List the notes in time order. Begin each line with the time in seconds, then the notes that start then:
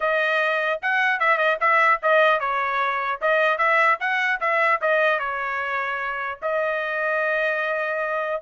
0.00 D#5
0.82 F#5
1.19 E5
1.37 D#5
1.60 E5
2.02 D#5
2.40 C#5
3.21 D#5
3.57 E5
4.00 F#5
4.40 E5
4.81 D#5
5.19 C#5
6.42 D#5